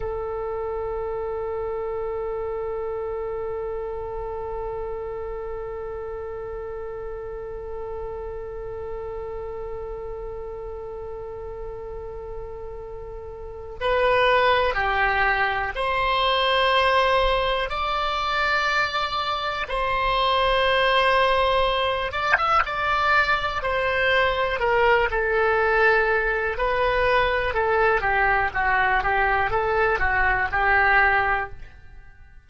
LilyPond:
\new Staff \with { instrumentName = "oboe" } { \time 4/4 \tempo 4 = 61 a'1~ | a'1~ | a'1~ | a'2 b'4 g'4 |
c''2 d''2 | c''2~ c''8 d''16 e''16 d''4 | c''4 ais'8 a'4. b'4 | a'8 g'8 fis'8 g'8 a'8 fis'8 g'4 | }